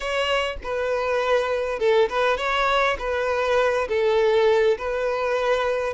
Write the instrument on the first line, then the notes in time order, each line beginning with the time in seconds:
violin
0.00 C#5
0.63 B4
1.79 A4
2.09 B4
2.37 C#5
2.98 B4
3.88 A4
4.78 B4